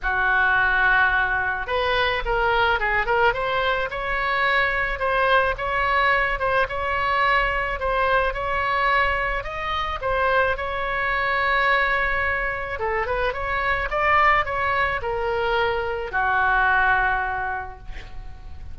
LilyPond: \new Staff \with { instrumentName = "oboe" } { \time 4/4 \tempo 4 = 108 fis'2. b'4 | ais'4 gis'8 ais'8 c''4 cis''4~ | cis''4 c''4 cis''4. c''8 | cis''2 c''4 cis''4~ |
cis''4 dis''4 c''4 cis''4~ | cis''2. a'8 b'8 | cis''4 d''4 cis''4 ais'4~ | ais'4 fis'2. | }